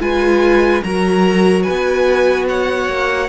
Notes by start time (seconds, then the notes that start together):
0.00 G#3 F4 B4 G#5
0.83 F#3 F#4 A#4 A#5
1.62 B4 G#5
1.70 B3
2.48 C#5 F#5
2.88 A#3